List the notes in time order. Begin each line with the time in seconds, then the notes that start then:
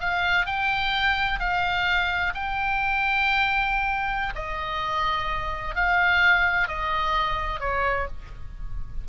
0.00 F5
0.46 G5
1.40 F5
2.35 G5
4.35 D#5
5.75 F5
6.68 D#5
7.60 C#5